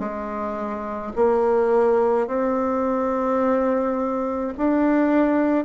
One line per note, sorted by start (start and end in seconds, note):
0.00 1.13 G#3
1.16 2.27 A#3
2.27 4.54 C4
4.58 5.65 D4